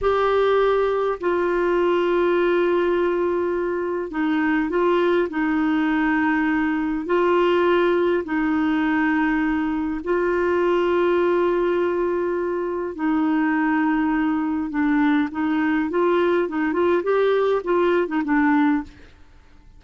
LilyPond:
\new Staff \with { instrumentName = "clarinet" } { \time 4/4 \tempo 4 = 102 g'2 f'2~ | f'2. dis'4 | f'4 dis'2. | f'2 dis'2~ |
dis'4 f'2.~ | f'2 dis'2~ | dis'4 d'4 dis'4 f'4 | dis'8 f'8 g'4 f'8. dis'16 d'4 | }